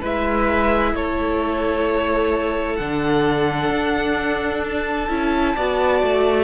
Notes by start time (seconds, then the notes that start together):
0.00 G#3 E4 B4 E5
0.94 A3 A4 C#5
2.76 D3 D4 F#5
3.70 D4
4.64 A5
5.09 C#4 E4
5.55 B3 F#4 D5
6.03 A3